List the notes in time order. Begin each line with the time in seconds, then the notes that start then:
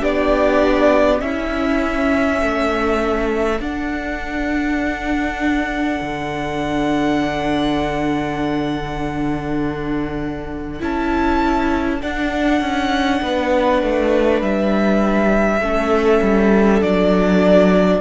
0.00 B3 D4 G4 D5
1.19 C#4 E4 E5
2.40 A3 A4
3.60 D4 F#5
6.01 D3
10.80 C#4 E4 A5
12.01 D4 F#5
12.61 C#4
13.22 B3 B4
13.82 A3
14.42 G3 E5
15.61 A3 C#4 A4
16.22 G3
16.81 F#3 D4 D5